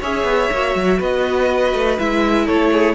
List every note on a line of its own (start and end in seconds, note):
0.00 0.24 C#4
0.00 0.52 G#4
0.00 0.98 C#5
0.00 1.01 E5
0.24 0.48 B3
0.52 0.75 A#3
0.52 1.99 F#4
0.75 1.00 F#3
0.99 1.73 B3
0.99 2.45 B4
0.99 1.99 D#5
1.73 1.98 A3
1.99 2.48 G#3
1.99 2.95 E4
1.99 2.47 E5
2.45 2.95 A3
2.45 2.70 A4
2.45 2.95 C#5
2.72 2.95 G#4